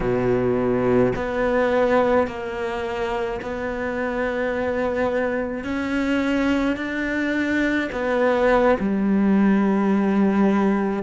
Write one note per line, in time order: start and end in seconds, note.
0.00 1.13 B2
1.15 2.27 B3
2.27 3.40 A#3
3.41 5.63 B3
5.63 6.76 C#4
6.76 7.89 D4
7.92 8.77 B3
8.79 11.03 G3